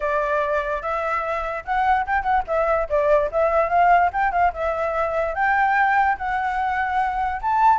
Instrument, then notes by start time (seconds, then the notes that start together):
flute
0.00 D5
0.81 E5
1.64 F#5
2.06 G5
2.22 F#5
2.47 E5
2.89 D5
3.31 E5
3.69 F5
4.12 G5
4.32 F5
4.53 E5
5.34 G5
6.17 F#5
7.41 A5